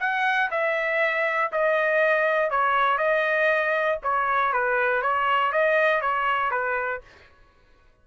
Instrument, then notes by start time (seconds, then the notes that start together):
trumpet
0.00 F#5
0.51 E5
1.52 D#5
2.51 C#5
2.98 D#5
4.03 C#5
4.53 B4
5.02 C#5
5.53 D#5
6.02 C#5
6.51 B4